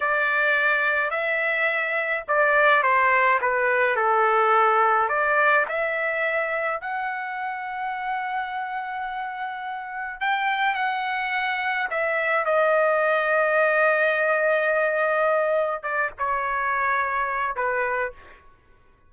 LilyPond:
\new Staff \with { instrumentName = "trumpet" } { \time 4/4 \tempo 4 = 106 d''2 e''2 | d''4 c''4 b'4 a'4~ | a'4 d''4 e''2 | fis''1~ |
fis''2 g''4 fis''4~ | fis''4 e''4 dis''2~ | dis''1 | d''8 cis''2~ cis''8 b'4 | }